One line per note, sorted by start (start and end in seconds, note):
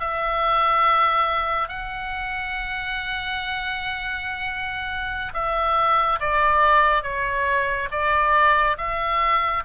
0.00 1.68 E5
1.68 5.32 F#5
5.33 6.19 E5
6.20 7.03 D5
7.03 7.89 C#5
7.91 8.77 D5
8.77 9.63 E5